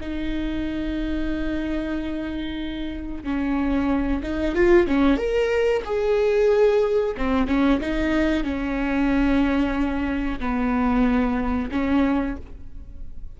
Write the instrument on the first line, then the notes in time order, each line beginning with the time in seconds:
viola
0.00 D#4
3.23 C#4
4.23 D#4
4.55 F4
4.87 C#4
5.17 A#4
5.84 G#4
7.17 C4
7.47 C#4
7.80 D#4
8.43 C#4
10.39 B3
11.71 C#4